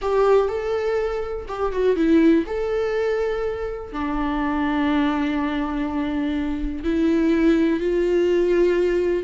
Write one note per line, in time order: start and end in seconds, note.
0.01 0.48 G4
0.48 1.46 A4
1.47 1.72 G4
1.72 1.96 F#4
1.96 2.44 E4
2.46 3.92 A4
3.92 6.84 D4
6.84 7.80 E4
7.80 9.23 F4